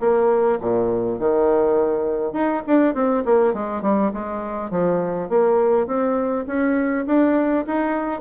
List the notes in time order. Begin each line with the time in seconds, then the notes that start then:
0.00 A#3
0.61 A#2
1.20 D#3
2.33 D#4
2.67 D4
2.94 C4
3.25 A#3
3.53 G#3
3.82 G3
4.13 G#3
4.71 F3
5.29 A#3
5.87 C4
6.47 C#4
7.06 D4
7.67 D#4